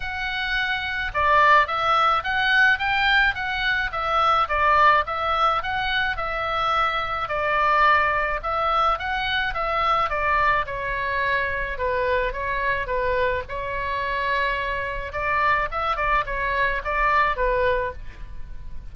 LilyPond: \new Staff \with { instrumentName = "oboe" } { \time 4/4 \tempo 4 = 107 fis''2 d''4 e''4 | fis''4 g''4 fis''4 e''4 | d''4 e''4 fis''4 e''4~ | e''4 d''2 e''4 |
fis''4 e''4 d''4 cis''4~ | cis''4 b'4 cis''4 b'4 | cis''2. d''4 | e''8 d''8 cis''4 d''4 b'4 | }